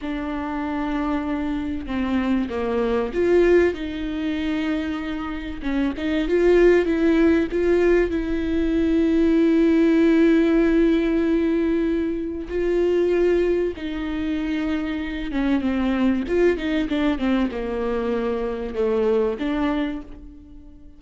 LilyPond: \new Staff \with { instrumentName = "viola" } { \time 4/4 \tempo 4 = 96 d'2. c'4 | ais4 f'4 dis'2~ | dis'4 cis'8 dis'8 f'4 e'4 | f'4 e'2.~ |
e'1 | f'2 dis'2~ | dis'8 cis'8 c'4 f'8 dis'8 d'8 c'8 | ais2 a4 d'4 | }